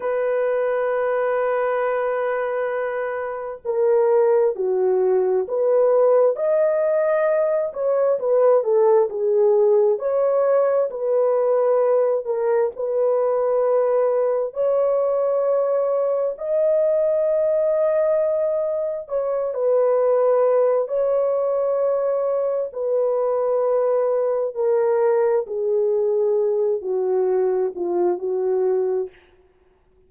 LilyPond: \new Staff \with { instrumentName = "horn" } { \time 4/4 \tempo 4 = 66 b'1 | ais'4 fis'4 b'4 dis''4~ | dis''8 cis''8 b'8 a'8 gis'4 cis''4 | b'4. ais'8 b'2 |
cis''2 dis''2~ | dis''4 cis''8 b'4. cis''4~ | cis''4 b'2 ais'4 | gis'4. fis'4 f'8 fis'4 | }